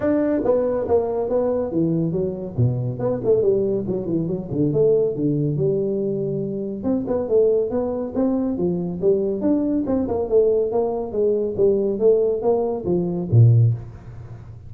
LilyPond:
\new Staff \with { instrumentName = "tuba" } { \time 4/4 \tempo 4 = 140 d'4 b4 ais4 b4 | e4 fis4 b,4 b8 a8 | g4 fis8 e8 fis8 d8 a4 | d4 g2. |
c'8 b8 a4 b4 c'4 | f4 g4 d'4 c'8 ais8 | a4 ais4 gis4 g4 | a4 ais4 f4 ais,4 | }